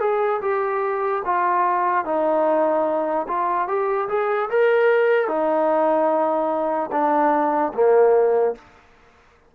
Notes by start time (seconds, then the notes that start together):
0.00 G#4
0.41 G4
1.25 F4
2.05 D#4
3.28 F4
3.68 G4
4.09 G#4
4.50 A#4
5.28 D#4
6.92 D4
7.74 A#3